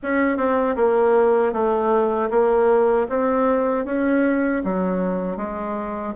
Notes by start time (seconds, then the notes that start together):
0.02 C#4
0.37 C4
0.76 A#3
1.52 A3
2.30 A#3
3.09 C4
3.85 C#4
4.64 F#3
5.36 G#3